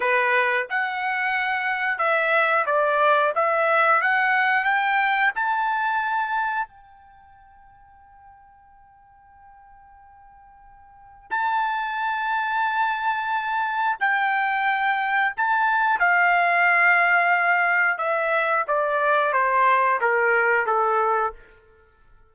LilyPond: \new Staff \with { instrumentName = "trumpet" } { \time 4/4 \tempo 4 = 90 b'4 fis''2 e''4 | d''4 e''4 fis''4 g''4 | a''2 g''2~ | g''1~ |
g''4 a''2.~ | a''4 g''2 a''4 | f''2. e''4 | d''4 c''4 ais'4 a'4 | }